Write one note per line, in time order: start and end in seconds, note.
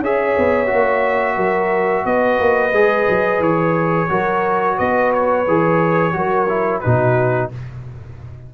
0.00 0.34 C#4
0.00 0.67 G#4
0.00 1.35 C#5
0.00 2.06 E5
0.38 0.72 B3
0.67 1.37 A#3
0.67 2.71 F#4
1.35 2.05 F#3
1.35 2.04 A#4
2.05 2.39 B3
2.05 4.10 B4
2.05 3.42 D#5
2.40 2.73 A#3
2.73 3.07 G#3
2.73 4.09 G#4
3.09 3.40 F#3
3.40 4.08 E3
3.40 4.78 C#5
4.09 4.79 F#3
4.09 5.46 F#4
4.09 4.77 A#4
4.77 5.47 B3
4.77 6.14 B4
4.77 5.12 D#5
5.14 6.81 C#5
5.47 6.15 E3
5.47 6.13 G#4
6.13 6.83 F#3
6.13 6.47 F#4
6.13 6.82 A#4
6.49 6.83 E4
6.81 7.54 B2
6.81 7.51 D#4
6.81 7.50 F#4
6.81 7.49 B4